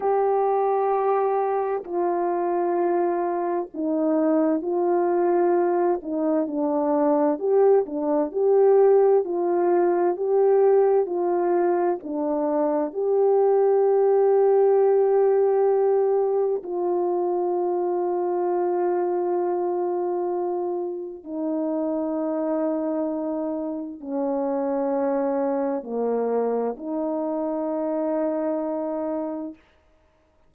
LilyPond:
\new Staff \with { instrumentName = "horn" } { \time 4/4 \tempo 4 = 65 g'2 f'2 | dis'4 f'4. dis'8 d'4 | g'8 d'8 g'4 f'4 g'4 | f'4 d'4 g'2~ |
g'2 f'2~ | f'2. dis'4~ | dis'2 cis'2 | ais4 dis'2. | }